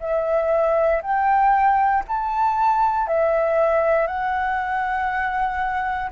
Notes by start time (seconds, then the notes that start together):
0.00 E5
1.02 G5
2.08 A5
3.07 E5
4.07 F#5